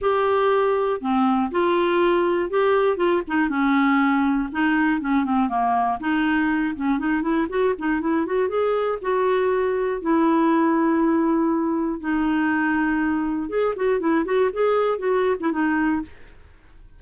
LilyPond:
\new Staff \with { instrumentName = "clarinet" } { \time 4/4 \tempo 4 = 120 g'2 c'4 f'4~ | f'4 g'4 f'8 dis'8 cis'4~ | cis'4 dis'4 cis'8 c'8 ais4 | dis'4. cis'8 dis'8 e'8 fis'8 dis'8 |
e'8 fis'8 gis'4 fis'2 | e'1 | dis'2. gis'8 fis'8 | e'8 fis'8 gis'4 fis'8. e'16 dis'4 | }